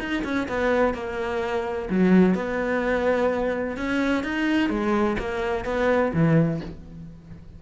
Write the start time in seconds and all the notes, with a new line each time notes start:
0.00 D#4
0.24 C#4
0.49 B3
0.94 A#3
1.90 F#3
2.35 B3
3.77 C#4
4.24 D#4
4.70 G#3
5.19 A#3
5.65 B3
6.14 E3